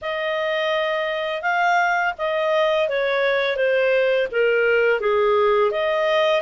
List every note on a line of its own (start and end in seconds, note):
0.01 1.42 D#5
1.42 2.13 F5
2.18 2.88 D#5
2.88 3.56 C#5
3.56 4.27 C5
4.31 5.00 A#4
5.00 5.71 G#4
5.71 6.41 D#5